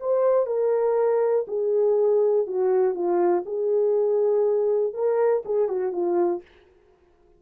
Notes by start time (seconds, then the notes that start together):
0.00 C5
0.46 A#4
1.48 G#4
2.47 F#4
2.94 F4
3.46 G#4
4.94 A#4
5.45 G#4
5.68 F#4
5.92 F4